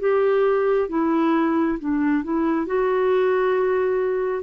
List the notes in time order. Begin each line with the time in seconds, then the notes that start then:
0.00 G4
0.89 E4
1.80 D4
2.24 E4
2.67 F#4